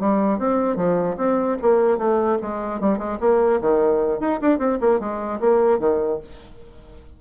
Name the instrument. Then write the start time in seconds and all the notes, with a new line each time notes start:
bassoon
0.00 G3
0.38 C4
0.76 F3
1.17 C4
1.62 A#3
1.98 A3
2.42 G#3
2.80 G3
2.98 G#3
3.20 A#3
3.61 D#3
4.20 D#4
4.41 D4
4.59 C4
4.81 A#3
5.00 G#3
5.40 A#3
5.79 D#3